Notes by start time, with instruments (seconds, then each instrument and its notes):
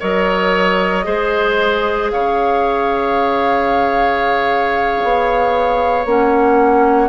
0.00 bassoon F#3, clarinet A#4, oboe C#5, flute D#5
1.04 bassoon G#3, clarinet G#4, oboe C5
2.11 bassoon C#3, oboe C#5, flute F5
5.03 bassoon B3
6.05 bassoon A#3, clarinet C#4, flute F#5